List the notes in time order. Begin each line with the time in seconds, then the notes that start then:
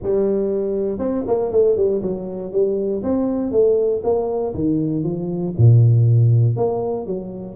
0.02 G3
0.98 C4
1.27 A#3
1.51 A3
1.76 G3
2.02 F#3
2.52 G3
3.03 C4
3.51 A3
4.03 A#3
4.54 D#3
5.03 F3
5.57 A#2
6.56 A#3
7.06 F#3